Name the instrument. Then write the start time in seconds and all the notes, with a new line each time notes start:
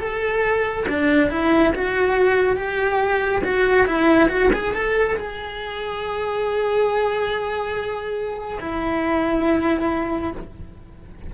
cello
0.00 A4
0.89 D4
1.31 E4
1.75 F#4
2.56 G4
3.44 F#4
3.87 E4
4.29 F#4
4.53 G#4
4.74 A4
5.17 G#4
8.61 E4